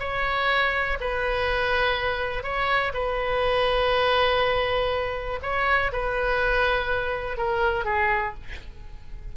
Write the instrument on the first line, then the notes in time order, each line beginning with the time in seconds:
oboe
0.00 C#5
1.00 B4
2.43 C#5
2.94 B4
5.43 C#5
5.93 B4
7.37 A#4
7.85 G#4